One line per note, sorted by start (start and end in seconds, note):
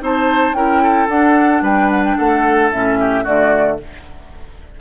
0.00 0.53 C4
0.00 0.54 D#4
0.00 0.57 C5
0.00 0.54 A5
0.53 1.07 C#4
0.53 1.09 E4
0.53 0.83 A#4
0.53 1.08 G5
0.83 1.63 A4
1.09 1.62 D4
1.09 2.73 D4
1.09 1.63 F#5
1.62 2.16 G3
1.62 2.17 B4
1.62 1.91 G5
1.91 2.04 F#5
2.04 2.17 G5
2.17 2.72 A3
2.17 2.99 A4
2.17 2.72 F#5
2.72 3.26 A2
2.72 3.25 C#4
2.72 3.26 E5
3.00 3.24 G4
3.24 3.81 D3
3.24 3.79 A3
3.24 3.78 F#4
3.24 3.80 D5